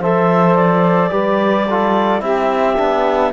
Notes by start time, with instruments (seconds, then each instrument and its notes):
0.00 cello F3, trombone A4, saxophone C5, clarinet E5
0.56 clarinet D5
1.10 cello G3, trombone G4, saxophone B4
1.67 trombone F4, saxophone A4
2.20 cello C4, trombone E4, saxophone G4, clarinet E5
2.78 cello B3, trombone D4